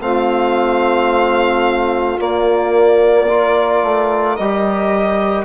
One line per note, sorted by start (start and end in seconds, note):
0.00 2.18 A3
0.00 2.18 C4
0.00 3.29 F4
0.00 2.20 F5
2.18 3.27 A#3
2.18 3.82 A#3
2.18 4.36 D5
3.28 4.37 F4
3.28 5.45 A#4
3.82 4.37 A3
4.36 5.45 G3
4.36 5.45 G4
4.36 5.45 D#5